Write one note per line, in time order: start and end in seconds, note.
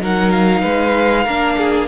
0.00 0.62 F#3
0.00 1.26 D#4
0.00 0.62 A#4
0.00 0.32 F#5
0.32 1.88 F5
0.62 1.27 G#3
0.62 1.24 B4
1.24 1.88 A#3
1.24 1.88 D4
1.24 1.56 A#4
1.58 1.88 G#4